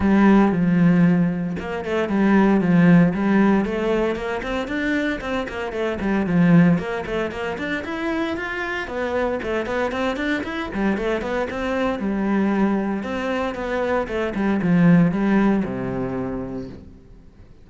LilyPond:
\new Staff \with { instrumentName = "cello" } { \time 4/4 \tempo 4 = 115 g4 f2 ais8 a8 | g4 f4 g4 a4 | ais8 c'8 d'4 c'8 ais8 a8 g8 | f4 ais8 a8 ais8 d'8 e'4 |
f'4 b4 a8 b8 c'8 d'8 | e'8 g8 a8 b8 c'4 g4~ | g4 c'4 b4 a8 g8 | f4 g4 c2 | }